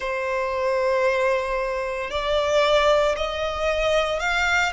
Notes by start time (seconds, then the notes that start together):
0.00 C5
2.10 D5
3.16 D#5
4.19 F5